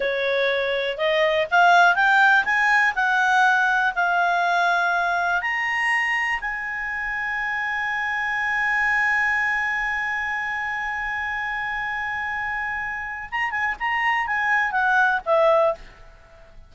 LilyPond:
\new Staff \with { instrumentName = "clarinet" } { \time 4/4 \tempo 4 = 122 cis''2 dis''4 f''4 | g''4 gis''4 fis''2 | f''2. ais''4~ | ais''4 gis''2.~ |
gis''1~ | gis''1~ | gis''2. ais''8 gis''8 | ais''4 gis''4 fis''4 e''4 | }